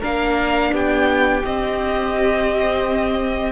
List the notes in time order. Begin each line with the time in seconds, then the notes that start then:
0.00 A#3 D4 A#4 F5
0.72 B3 G4 G5
1.44 C4 D#5